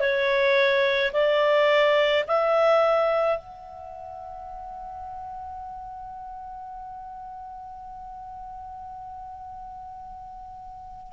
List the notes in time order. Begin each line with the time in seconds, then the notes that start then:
0.00 C#5
1.13 D5
2.28 E5
3.38 F#5